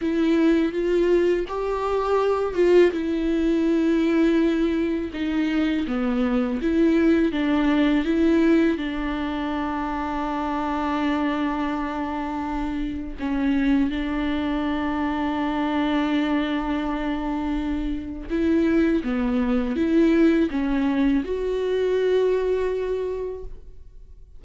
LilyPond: \new Staff \with { instrumentName = "viola" } { \time 4/4 \tempo 4 = 82 e'4 f'4 g'4. f'8 | e'2. dis'4 | b4 e'4 d'4 e'4 | d'1~ |
d'2 cis'4 d'4~ | d'1~ | d'4 e'4 b4 e'4 | cis'4 fis'2. | }